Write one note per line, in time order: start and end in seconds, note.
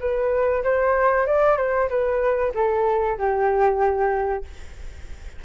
0.00 0.63 B4
0.63 1.26 C5
1.26 1.57 D5
1.57 1.89 C5
1.89 2.52 B4
2.54 3.18 A4
3.18 4.44 G4